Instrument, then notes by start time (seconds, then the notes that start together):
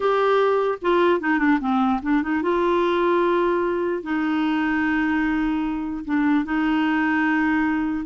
clarinet
0.00 G4
0.81 F4
1.20 D#4
1.38 D4
1.60 C4
2.02 D4
2.22 D#4
2.42 F4
4.03 D#4
6.04 D4
6.44 D#4